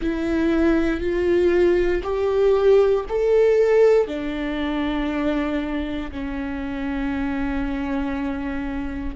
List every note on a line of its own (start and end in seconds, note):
0.01 1.00 E4
1.00 2.02 F4
2.03 3.05 G4
3.08 4.07 A4
4.07 6.10 D4
6.11 9.15 C#4